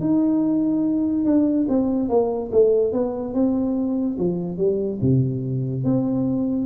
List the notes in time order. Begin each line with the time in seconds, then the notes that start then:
0.00 D#4
1.25 D4
1.69 C4
2.09 A#3
2.52 A3
2.93 B3
3.34 C4
4.18 F3
4.57 G3
5.01 C3
5.84 C4